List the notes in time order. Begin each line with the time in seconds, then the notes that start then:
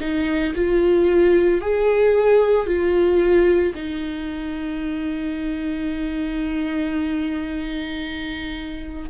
0.00 D#4
0.56 F4
1.62 G#4
2.66 F4
3.75 D#4